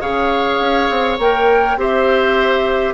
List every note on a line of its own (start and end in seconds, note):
0.00 0.60 C#3
0.00 1.18 G#4
0.00 1.77 C#5
0.00 1.19 F5
0.60 0.89 C#4
0.89 1.19 C4
1.19 1.76 A#3
1.19 1.78 A#4
1.19 1.79 G5
1.76 2.94 C4
1.76 2.94 G4
1.76 2.94 C5
1.76 2.94 E5